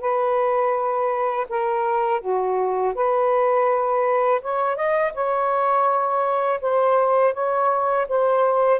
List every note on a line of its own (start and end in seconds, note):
0.00 1.46 B4
1.49 2.21 A#4
2.21 2.94 F#4
2.94 4.41 B4
4.41 4.76 C#5
4.76 5.12 D#5
5.14 6.60 C#5
6.61 7.33 C5
7.33 8.07 C#5
8.08 8.80 C5